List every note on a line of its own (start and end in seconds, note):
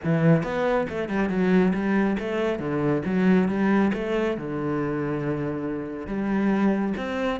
0.03 0.43 E3
0.43 0.86 B3
0.89 1.08 A3
1.08 1.29 G3
1.29 1.73 F#3
1.73 2.17 G3
2.19 2.59 A3
2.59 3.02 D3
3.05 3.48 F#3
3.48 3.91 G3
3.93 4.37 A3
4.37 6.06 D3
6.06 6.93 G3
6.97 7.40 C4